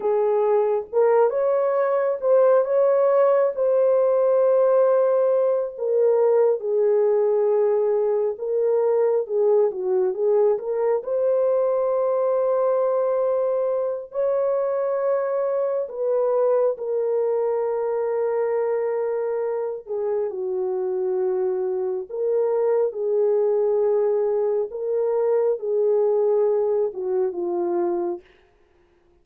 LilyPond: \new Staff \with { instrumentName = "horn" } { \time 4/4 \tempo 4 = 68 gis'4 ais'8 cis''4 c''8 cis''4 | c''2~ c''8 ais'4 gis'8~ | gis'4. ais'4 gis'8 fis'8 gis'8 | ais'8 c''2.~ c''8 |
cis''2 b'4 ais'4~ | ais'2~ ais'8 gis'8 fis'4~ | fis'4 ais'4 gis'2 | ais'4 gis'4. fis'8 f'4 | }